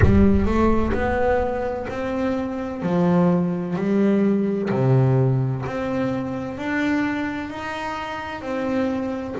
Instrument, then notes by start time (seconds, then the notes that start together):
double bass
0.02 G3
0.45 A3
0.92 B3
1.89 C4
2.82 F3
3.75 G3
4.70 C3
5.65 C4
6.57 D4
7.50 D#4
8.41 C4